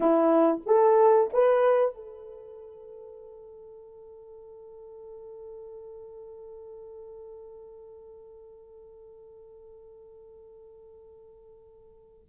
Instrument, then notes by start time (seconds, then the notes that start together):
horn
0.00 E4
0.66 A4
1.33 B4
1.94 A4